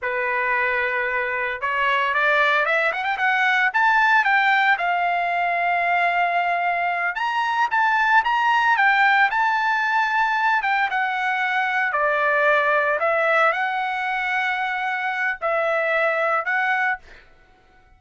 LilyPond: \new Staff \with { instrumentName = "trumpet" } { \time 4/4 \tempo 4 = 113 b'2. cis''4 | d''4 e''8 fis''16 g''16 fis''4 a''4 | g''4 f''2.~ | f''4. ais''4 a''4 ais''8~ |
ais''8 g''4 a''2~ a''8 | g''8 fis''2 d''4.~ | d''8 e''4 fis''2~ fis''8~ | fis''4 e''2 fis''4 | }